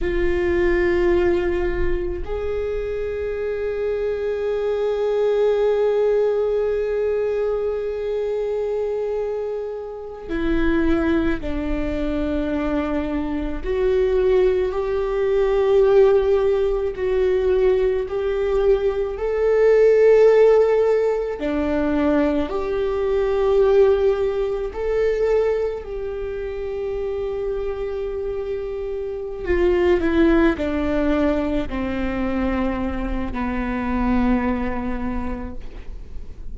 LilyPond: \new Staff \with { instrumentName = "viola" } { \time 4/4 \tempo 4 = 54 f'2 gis'2~ | gis'1~ | gis'4~ gis'16 e'4 d'4.~ d'16~ | d'16 fis'4 g'2 fis'8.~ |
fis'16 g'4 a'2 d'8.~ | d'16 g'2 a'4 g'8.~ | g'2~ g'8 f'8 e'8 d'8~ | d'8 c'4. b2 | }